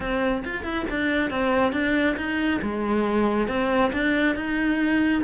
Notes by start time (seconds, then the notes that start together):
0.00 C4
0.44 F4
0.63 E4
0.90 D4
1.30 C4
1.72 D4
2.16 D#4
2.62 G#3
3.48 C4
3.92 D4
4.35 D#4